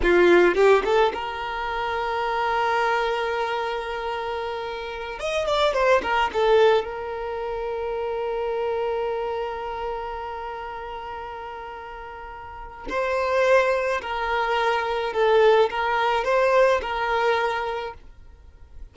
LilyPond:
\new Staff \with { instrumentName = "violin" } { \time 4/4 \tempo 4 = 107 f'4 g'8 a'8 ais'2~ | ais'1~ | ais'4~ ais'16 dis''8 d''8 c''8 ais'8 a'8.~ | a'16 ais'2.~ ais'8.~ |
ais'1~ | ais'2. c''4~ | c''4 ais'2 a'4 | ais'4 c''4 ais'2 | }